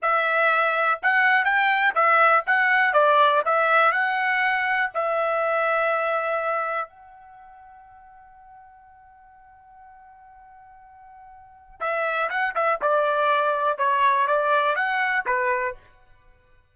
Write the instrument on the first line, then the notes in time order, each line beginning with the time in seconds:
trumpet
0.01 E5
1.02 F#5
1.44 G5
1.94 E5
2.46 F#5
2.93 D5
3.45 E5
3.91 F#5
4.94 E5
6.89 F#5
11.80 E5
12.29 F#5
12.55 E5
12.81 D5
13.77 C#5
14.27 D5
14.75 F#5
15.25 B4